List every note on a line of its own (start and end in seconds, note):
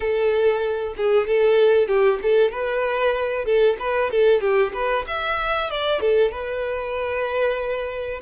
0.00 0.94 A4
0.96 1.27 G#4
1.27 1.87 A4
1.87 2.19 G4
2.22 2.51 A4
2.51 3.45 B4
3.45 3.76 A4
3.79 4.10 B4
4.11 4.40 A4
4.40 4.72 G4
4.73 5.05 B4
5.07 5.70 E5
5.70 6.00 D5
6.00 6.31 A4
6.31 8.20 B4